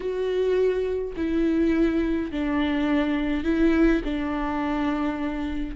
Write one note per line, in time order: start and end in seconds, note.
0.00 1.14 F#4
1.16 2.31 E4
2.31 3.44 D4
3.44 4.01 E4
4.04 5.76 D4